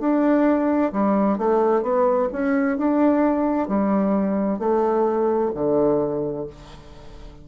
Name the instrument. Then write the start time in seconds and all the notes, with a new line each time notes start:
bassoon
0.00 D4
0.93 G3
1.38 A3
1.83 B3
2.32 C#4
2.78 D4
3.68 G3
4.59 A3
5.55 D3